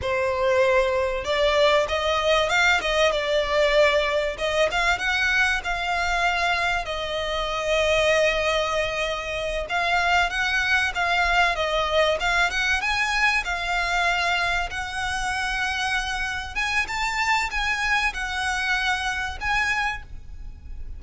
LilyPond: \new Staff \with { instrumentName = "violin" } { \time 4/4 \tempo 4 = 96 c''2 d''4 dis''4 | f''8 dis''8 d''2 dis''8 f''8 | fis''4 f''2 dis''4~ | dis''2.~ dis''8 f''8~ |
f''8 fis''4 f''4 dis''4 f''8 | fis''8 gis''4 f''2 fis''8~ | fis''2~ fis''8 gis''8 a''4 | gis''4 fis''2 gis''4 | }